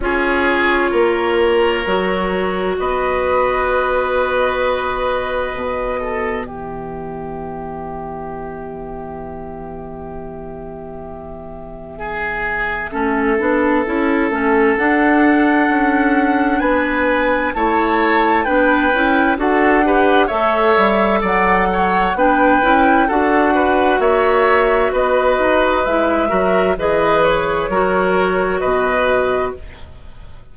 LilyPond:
<<
  \new Staff \with { instrumentName = "flute" } { \time 4/4 \tempo 4 = 65 cis''2. dis''4~ | dis''2. e''4~ | e''1~ | e''1 |
fis''2 gis''4 a''4 | g''4 fis''4 e''4 fis''4 | g''4 fis''4 e''4 dis''4 | e''4 dis''8 cis''4. dis''4 | }
  \new Staff \with { instrumentName = "oboe" } { \time 4/4 gis'4 ais'2 b'4~ | b'2~ b'8 a'8 g'4~ | g'1~ | g'4 gis'4 a'2~ |
a'2 b'4 cis''4 | b'4 a'8 b'8 cis''4 d''8 cis''8 | b'4 a'8 b'8 cis''4 b'4~ | b'8 ais'8 b'4 ais'4 b'4 | }
  \new Staff \with { instrumentName = "clarinet" } { \time 4/4 f'2 fis'2~ | fis'2 b2~ | b1~ | b2 cis'8 d'8 e'8 cis'8 |
d'2. e'4 | d'8 e'8 fis'8 g'8 a'2 | d'8 e'8 fis'2. | e'8 fis'8 gis'4 fis'2 | }
  \new Staff \with { instrumentName = "bassoon" } { \time 4/4 cis'4 ais4 fis4 b4~ | b2 b,4 e4~ | e1~ | e2 a8 b8 cis'8 a8 |
d'4 cis'4 b4 a4 | b8 cis'8 d'4 a8 g8 fis4 | b8 cis'8 d'4 ais4 b8 dis'8 | gis8 fis8 e4 fis4 b,4 | }
>>